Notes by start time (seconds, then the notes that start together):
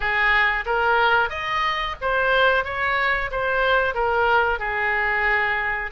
0.00 G#4
0.65 A#4
1.29 D#5
2.01 C5
2.64 C#5
3.31 C5
3.94 A#4
4.59 G#4